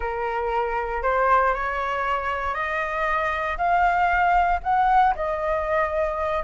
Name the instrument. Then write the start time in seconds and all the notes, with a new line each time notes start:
flute
0.00 A#4
1.03 C5
1.54 C#5
2.54 D#5
3.57 F5
4.63 F#5
5.15 D#5